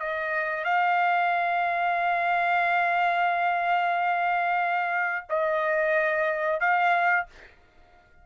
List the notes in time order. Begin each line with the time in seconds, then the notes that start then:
0.00 D#5
0.64 F5
5.30 D#5
6.61 F5